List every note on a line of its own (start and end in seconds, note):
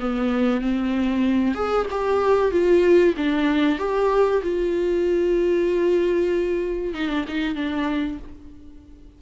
0.00 0.61 B3
0.61 1.55 C4
1.55 1.86 G#4
1.91 2.51 G4
2.51 3.15 F4
3.17 3.78 D4
3.78 4.42 G4
4.43 6.94 F4
6.94 7.09 D#4
7.09 7.25 D4
7.28 7.55 D#4
7.55 8.18 D4